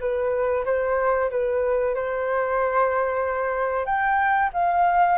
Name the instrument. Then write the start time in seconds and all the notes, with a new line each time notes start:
flute
0.00 B4
0.66 C5
1.31 B4
1.95 C5
3.86 G5
4.54 F5